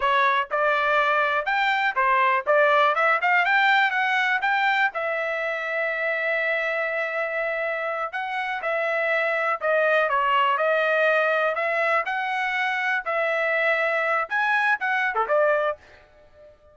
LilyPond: \new Staff \with { instrumentName = "trumpet" } { \time 4/4 \tempo 4 = 122 cis''4 d''2 g''4 | c''4 d''4 e''8 f''8 g''4 | fis''4 g''4 e''2~ | e''1~ |
e''8 fis''4 e''2 dis''8~ | dis''8 cis''4 dis''2 e''8~ | e''8 fis''2 e''4.~ | e''4 gis''4 fis''8. a'16 d''4 | }